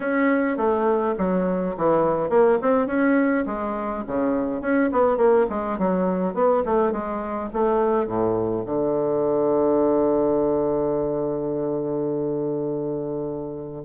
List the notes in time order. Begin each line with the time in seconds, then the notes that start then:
0.00 C#4
0.57 A3
1.18 F#3
1.77 E3
2.29 A#3
2.61 C4
2.87 C#4
3.45 G#3
4.07 C#3
4.61 C#4
4.92 B3
5.17 A#3
5.49 G#3
5.78 F#3
6.34 B3
6.65 A3
6.92 G#3
7.53 A3
8.06 A2
8.65 D3